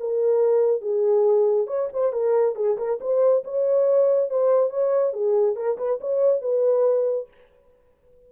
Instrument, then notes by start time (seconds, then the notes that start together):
horn
0.00 A#4
0.82 G#4
1.67 C#5
1.93 C5
2.13 A#4
2.56 G#4
2.78 A#4
3.01 C5
3.45 C#5
4.30 C5
4.70 C#5
5.13 G#4
5.56 A#4
5.78 B4
6.01 C#5
6.42 B4